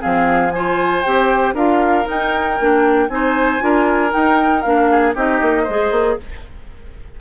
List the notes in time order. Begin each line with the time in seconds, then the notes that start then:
0.00 F3 C4 G#4 F5
0.51 F4 C5 G#5
1.02 C4 G4 G5
1.54 D4 F4 A#4 F5
2.04 D#4 G5
2.11 D#4
2.60 A#3 D4
3.09 C4 D#4 C5 G#5
3.60 D4 F4 A#4
4.10 D#4 G5
4.62 A#3 D4 F5
4.91 G#4
5.15 C4 D#4 G4 D#5
5.41 A#3
5.64 G#3 G#4 C5
5.91 A#3